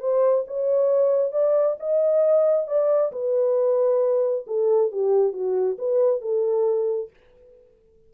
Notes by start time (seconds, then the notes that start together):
0.00 C5
0.47 C#5
1.32 D5
1.80 D#5
2.67 D5
3.12 B4
4.47 A4
4.92 G4
5.33 F#4
5.78 B4
6.21 A4